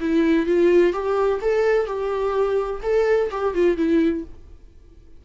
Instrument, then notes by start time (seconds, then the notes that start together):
viola
0.00 E4
0.46 F4
0.93 G4
1.41 A4
1.86 G4
2.83 A4
3.31 G4
3.54 F4
3.77 E4